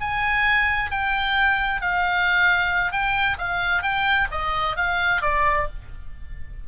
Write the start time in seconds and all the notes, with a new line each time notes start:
0.00 G#5
0.90 G5
1.81 F5
2.92 G5
3.38 F5
3.82 G5
4.31 D#5
4.76 F5
5.21 D5